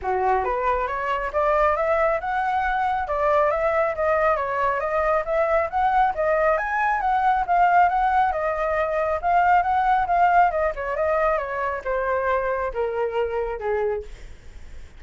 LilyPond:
\new Staff \with { instrumentName = "flute" } { \time 4/4 \tempo 4 = 137 fis'4 b'4 cis''4 d''4 | e''4 fis''2 d''4 | e''4 dis''4 cis''4 dis''4 | e''4 fis''4 dis''4 gis''4 |
fis''4 f''4 fis''4 dis''4~ | dis''4 f''4 fis''4 f''4 | dis''8 cis''8 dis''4 cis''4 c''4~ | c''4 ais'2 gis'4 | }